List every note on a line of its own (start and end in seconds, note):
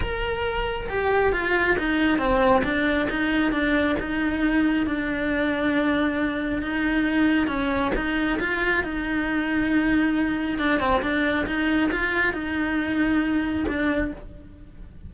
0.00 0.88 A#4
0.89 1.32 G4
1.32 1.76 F4
1.78 2.18 D#4
2.18 2.62 C4
2.64 3.08 D4
3.09 3.52 D#4
3.52 3.96 D4
3.99 4.86 D#4
4.86 6.62 D4
6.62 7.47 D#4
7.47 7.91 C#4
7.95 8.39 D#4
8.39 8.83 F4
8.83 10.58 D#4
10.58 10.79 D4
10.79 11.01 C4
11.02 11.46 D4
11.46 11.90 D#4
11.91 12.33 F4
12.33 13.65 D#4
13.67 14.12 D4